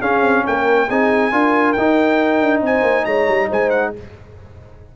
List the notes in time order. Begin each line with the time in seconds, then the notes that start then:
0.00 C#4 G#4 F5
0.21 C4
0.46 A#3 A#4 G5
0.89 C4 D#4 G#4 G#5
1.32 D4 F4 A#4
1.73 D#4 G5
2.41 D4
2.62 C4 C5 G#5
2.83 A#3
3.05 G#3 C#5 A#5
3.28 G3
3.50 G#3 C5 G#5
3.70 F#5